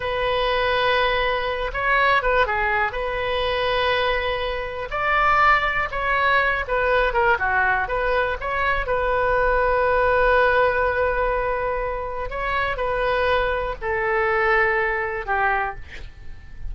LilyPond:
\new Staff \with { instrumentName = "oboe" } { \time 4/4 \tempo 4 = 122 b'2.~ b'8 cis''8~ | cis''8 b'8 gis'4 b'2~ | b'2 d''2 | cis''4. b'4 ais'8 fis'4 |
b'4 cis''4 b'2~ | b'1~ | b'4 cis''4 b'2 | a'2. g'4 | }